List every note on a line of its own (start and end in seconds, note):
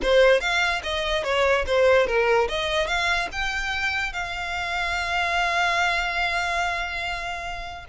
0.02 0.40 C5
0.40 0.81 F5
0.83 1.23 D#5
1.23 1.65 C#5
1.66 2.06 C5
2.06 2.48 A#4
2.48 2.87 D#5
2.87 3.28 F5
3.32 4.12 G5
4.12 7.85 F5